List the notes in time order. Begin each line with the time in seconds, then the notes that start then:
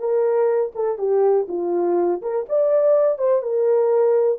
0.00 A#4
0.75 A4
0.98 G4
1.49 F4
2.22 A#4
2.49 D5
3.19 C5
3.43 A#4